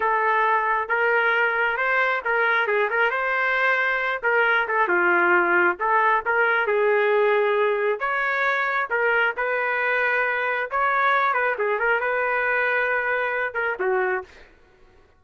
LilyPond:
\new Staff \with { instrumentName = "trumpet" } { \time 4/4 \tempo 4 = 135 a'2 ais'2 | c''4 ais'4 gis'8 ais'8 c''4~ | c''4. ais'4 a'8 f'4~ | f'4 a'4 ais'4 gis'4~ |
gis'2 cis''2 | ais'4 b'2. | cis''4. b'8 gis'8 ais'8 b'4~ | b'2~ b'8 ais'8 fis'4 | }